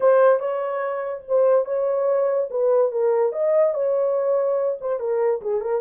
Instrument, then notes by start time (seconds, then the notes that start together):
horn
0.00 C5
0.39 C#5
1.27 C5
1.65 C#5
2.50 B4
2.91 A#4
3.32 D#5
3.74 C#5
4.80 C5
4.99 A#4
5.41 G#4
5.60 A#4